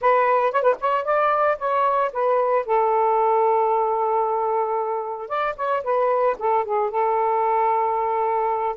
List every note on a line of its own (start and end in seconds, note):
0.01 0.52 B4
0.52 0.62 C#5
0.62 0.75 B4
0.80 1.04 C#5
1.04 1.57 D5
1.58 2.11 C#5
2.12 2.65 B4
2.65 5.28 A4
5.28 5.55 D5
5.56 5.83 C#5
5.83 6.36 B4
6.39 6.64 A4
6.64 6.90 G#4
6.90 8.76 A4